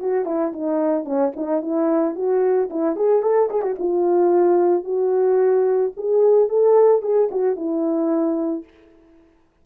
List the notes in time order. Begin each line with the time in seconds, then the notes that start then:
0.00 F#4
0.26 E4
0.53 D#4
1.05 C#4
1.37 D#4
1.62 E4
2.16 F#4
2.71 E4
2.97 G#4
3.23 A4
3.50 G#4
3.62 F#4
3.80 F4
4.84 F#4
5.97 G#4
6.49 A4
7.02 G#4
7.32 F#4
7.57 E4